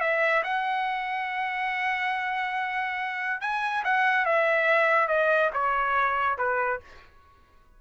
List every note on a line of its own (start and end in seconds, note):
0.00 0.43 E5
0.43 3.41 F#5
3.41 3.83 G#5
3.84 4.25 F#5
4.25 5.08 E5
5.08 5.50 D#5
5.53 6.37 C#5
6.37 6.80 B4